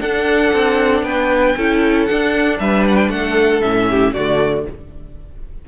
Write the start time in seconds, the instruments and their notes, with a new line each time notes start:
0.00 cello D4, viola D4, violin A4 F#5
0.53 cello C4
1.03 cello B3, violin B4 G5
1.57 cello C#4, viola E4, violin A4
2.05 viola D4, cello D4, violin F#5
2.59 cello G3, violin B4 E5
2.88 violin F#5
2.96 violin G5
3.09 cello A3, violin A4 F#5
3.61 cello A2, viola C#4, violin E5
3.90 violin G4
4.13 cello D3, viola A3, violin F#4 D5